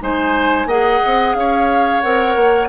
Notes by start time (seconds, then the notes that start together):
0.00 G#3 D#4 C5 G#5
0.66 A#3 G#4 D#5 F#5
1.05 C4
1.34 C#4 C#5 F5
2.01 C4 A#4 F#5
2.36 A#3